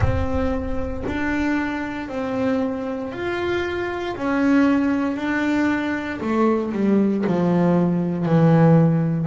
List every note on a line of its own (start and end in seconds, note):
0.00 1.03 C4
1.07 2.08 D4
2.08 3.11 C4
3.12 4.15 F4
4.16 5.16 C#4
5.16 6.20 D4
6.21 6.72 A3
6.72 7.24 G3
7.26 8.25 F3
8.25 9.27 E3